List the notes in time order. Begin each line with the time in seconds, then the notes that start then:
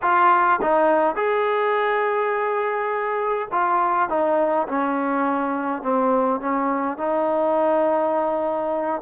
0.02 F4
0.61 D#4
1.15 G#4
3.51 F4
4.09 D#4
4.68 C#4
5.82 C4
6.40 C#4
6.97 D#4